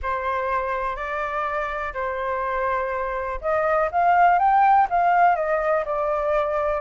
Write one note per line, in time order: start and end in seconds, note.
0.02 0.95 C5
0.95 1.93 D5
1.93 3.39 C5
3.41 3.89 D#5
3.91 4.38 F5
4.38 4.87 G5
4.90 5.35 F5
5.35 5.84 D#5
5.85 6.81 D5